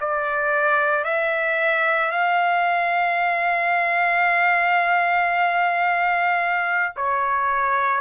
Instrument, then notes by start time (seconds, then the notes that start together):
trumpet
0.00 D5
1.04 E5
2.11 F5
6.95 C#5